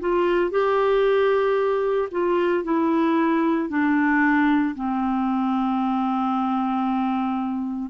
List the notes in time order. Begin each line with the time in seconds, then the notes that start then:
0.00 F4
0.51 G4
2.11 F4
2.64 E4
3.69 D4
4.76 C4